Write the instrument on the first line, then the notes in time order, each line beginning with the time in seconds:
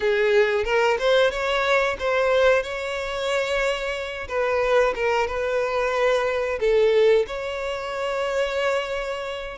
violin
0.00 G#4
0.64 A#4
0.99 C5
1.30 C#5
1.99 C5
2.63 C#5
4.28 B4
4.95 A#4
5.27 B4
6.60 A4
7.26 C#5